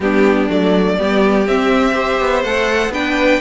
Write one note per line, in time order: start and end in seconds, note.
0.00 0.48 G3
0.00 0.49 B3
0.00 0.98 D4
0.00 0.49 G4
0.49 0.98 F#3
0.49 0.97 A3
0.49 1.47 D5
0.97 1.47 G3
0.97 1.46 B3
0.97 1.94 G4
1.47 2.20 C4
1.47 1.93 C4
1.47 2.43 E5
1.93 2.41 G4
1.93 2.91 C5
2.20 2.44 B3
2.43 2.89 A3
2.43 2.93 A4
2.43 2.92 F#5
2.89 3.37 B3
2.89 3.41 D4
2.89 3.41 B4
2.89 3.41 G5